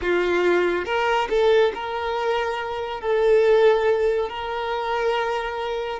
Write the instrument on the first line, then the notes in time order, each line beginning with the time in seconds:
violin
0.01 F4
0.85 A#4
1.29 A4
1.74 A#4
3.00 A4
4.29 A#4